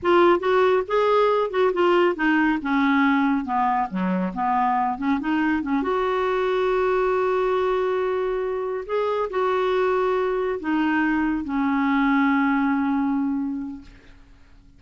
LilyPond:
\new Staff \with { instrumentName = "clarinet" } { \time 4/4 \tempo 4 = 139 f'4 fis'4 gis'4. fis'8 | f'4 dis'4 cis'2 | b4 fis4 b4. cis'8 | dis'4 cis'8 fis'2~ fis'8~ |
fis'1~ | fis'8 gis'4 fis'2~ fis'8~ | fis'8 dis'2 cis'4.~ | cis'1 | }